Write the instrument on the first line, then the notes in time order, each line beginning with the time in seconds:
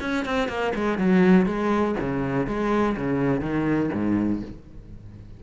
cello
0.00 C#4
0.25 C4
0.48 A#3
0.74 G#3
0.98 F#3
1.46 G#3
2.00 C#3
2.46 G#3
2.96 C#3
3.40 D#3
3.93 G#2